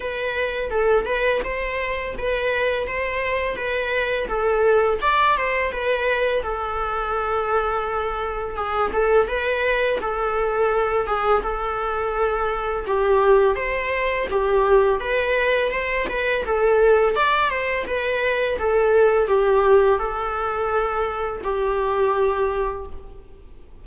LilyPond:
\new Staff \with { instrumentName = "viola" } { \time 4/4 \tempo 4 = 84 b'4 a'8 b'8 c''4 b'4 | c''4 b'4 a'4 d''8 c''8 | b'4 a'2. | gis'8 a'8 b'4 a'4. gis'8 |
a'2 g'4 c''4 | g'4 b'4 c''8 b'8 a'4 | d''8 c''8 b'4 a'4 g'4 | a'2 g'2 | }